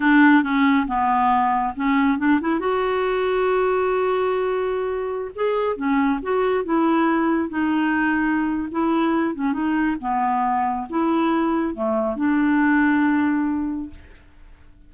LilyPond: \new Staff \with { instrumentName = "clarinet" } { \time 4/4 \tempo 4 = 138 d'4 cis'4 b2 | cis'4 d'8 e'8 fis'2~ | fis'1~ | fis'16 gis'4 cis'4 fis'4 e'8.~ |
e'4~ e'16 dis'2~ dis'8. | e'4. cis'8 dis'4 b4~ | b4 e'2 a4 | d'1 | }